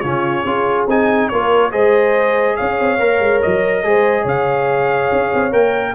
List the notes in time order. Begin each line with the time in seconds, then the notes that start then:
0.00 C#3 C#4 F4 C#5
0.44 C#4 F4 G#4
0.87 C4 D#4 G#5
1.28 A#3 F4 A#4 C#5
1.71 G#3 G#4 C5 D#5
2.56 C#4 C#5 F5
2.80 C4
2.99 A#3 A#4
3.20 G#3
3.41 F#3 D#5
3.83 G#3 G#4 C5
4.22 C#3 C#5 F5
5.12 C#4
5.34 C4
5.51 A#3 A#4 G5